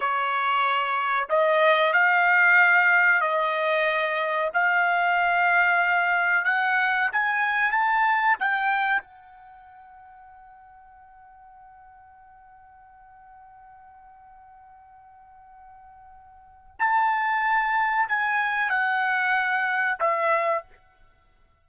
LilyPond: \new Staff \with { instrumentName = "trumpet" } { \time 4/4 \tempo 4 = 93 cis''2 dis''4 f''4~ | f''4 dis''2 f''4~ | f''2 fis''4 gis''4 | a''4 g''4 fis''2~ |
fis''1~ | fis''1~ | fis''2 a''2 | gis''4 fis''2 e''4 | }